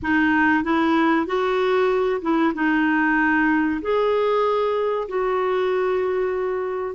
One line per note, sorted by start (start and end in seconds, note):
0.02 0.63 D#4
0.63 1.26 E4
1.26 2.21 F#4
2.21 2.53 E4
2.54 3.80 D#4
3.81 5.08 G#4
5.08 6.95 F#4